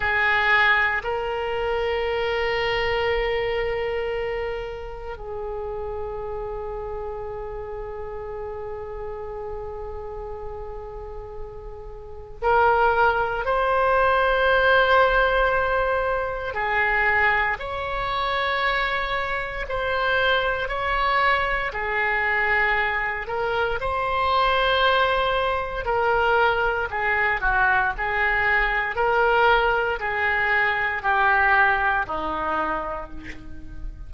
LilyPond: \new Staff \with { instrumentName = "oboe" } { \time 4/4 \tempo 4 = 58 gis'4 ais'2.~ | ais'4 gis'2.~ | gis'1 | ais'4 c''2. |
gis'4 cis''2 c''4 | cis''4 gis'4. ais'8 c''4~ | c''4 ais'4 gis'8 fis'8 gis'4 | ais'4 gis'4 g'4 dis'4 | }